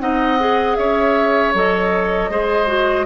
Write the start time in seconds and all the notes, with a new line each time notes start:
0.00 C4 D#4 D#5 F#5
0.40 G#4
0.76 C#4 C#5 E5
1.54 F#3 A4 D#5
2.30 G#3 G#4 C5
2.67 F#4